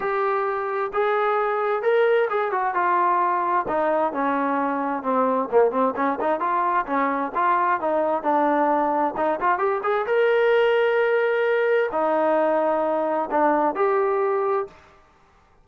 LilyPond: \new Staff \with { instrumentName = "trombone" } { \time 4/4 \tempo 4 = 131 g'2 gis'2 | ais'4 gis'8 fis'8 f'2 | dis'4 cis'2 c'4 | ais8 c'8 cis'8 dis'8 f'4 cis'4 |
f'4 dis'4 d'2 | dis'8 f'8 g'8 gis'8 ais'2~ | ais'2 dis'2~ | dis'4 d'4 g'2 | }